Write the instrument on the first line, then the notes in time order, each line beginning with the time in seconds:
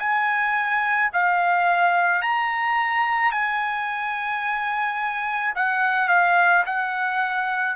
trumpet
0.00 G#5
1.13 F5
2.22 A#5
3.32 G#5
5.56 F#5
6.09 F5
6.66 F#5